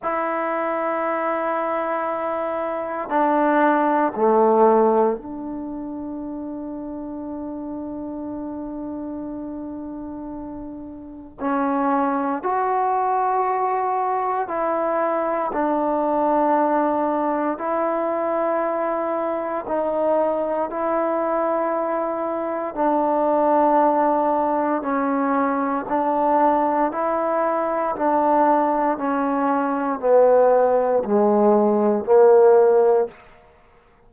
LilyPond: \new Staff \with { instrumentName = "trombone" } { \time 4/4 \tempo 4 = 58 e'2. d'4 | a4 d'2.~ | d'2. cis'4 | fis'2 e'4 d'4~ |
d'4 e'2 dis'4 | e'2 d'2 | cis'4 d'4 e'4 d'4 | cis'4 b4 gis4 ais4 | }